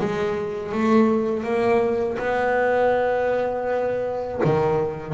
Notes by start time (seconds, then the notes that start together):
0.00 G#3
0.73 A3
1.44 A#3
2.19 B3
4.45 D#3